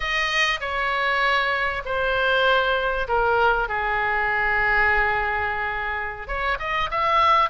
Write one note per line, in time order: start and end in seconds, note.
0.00 0.60 D#5
0.60 1.83 C#5
1.85 3.08 C5
3.08 3.68 A#4
3.68 6.27 G#4
6.27 6.58 C#5
6.59 6.90 D#5
6.90 7.49 E5